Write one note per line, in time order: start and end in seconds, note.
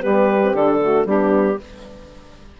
0.00 0.52 G3
0.00 0.39 B3
0.00 0.78 G4
0.00 0.54 B4
0.42 0.55 C4
0.52 1.04 D3
0.52 0.80 D4
0.52 1.06 A4
0.81 1.07 A3
0.81 1.05 F#4
1.05 1.57 G3
1.05 1.60 B3
1.05 1.57 D4
1.05 1.59 G4